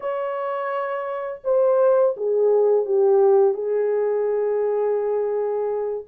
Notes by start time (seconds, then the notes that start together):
0.00 C#5
1.44 C5
2.16 G#4
2.85 G4
3.54 G#4